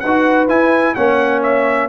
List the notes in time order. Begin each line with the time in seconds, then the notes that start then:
0.00 D#4 B4 F#5
0.07 F#4
0.48 E4 G#5
0.95 A#3 C#4 C#5 F#5
1.43 E5